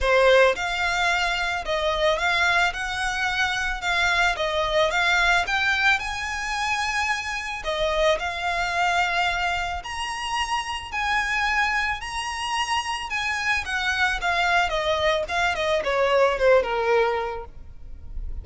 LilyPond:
\new Staff \with { instrumentName = "violin" } { \time 4/4 \tempo 4 = 110 c''4 f''2 dis''4 | f''4 fis''2 f''4 | dis''4 f''4 g''4 gis''4~ | gis''2 dis''4 f''4~ |
f''2 ais''2 | gis''2 ais''2 | gis''4 fis''4 f''4 dis''4 | f''8 dis''8 cis''4 c''8 ais'4. | }